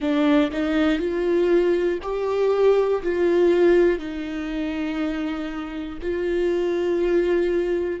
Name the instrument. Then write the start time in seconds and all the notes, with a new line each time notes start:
viola
0.00 D4
0.51 D#4
0.98 F4
2.02 G4
3.02 F4
3.99 D#4
6.01 F4